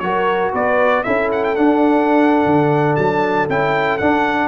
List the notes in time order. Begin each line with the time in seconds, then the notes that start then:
0.00 F#3 F#4 A#4 C#5
0.53 B3 B4 D5
1.04 C#4 E4 A4 E5
1.32 F#5
1.44 G5
1.56 D4 F#5
2.46 D3
2.96 F#3 A5
3.49 C#4 E4 G5
3.98 D4 F#5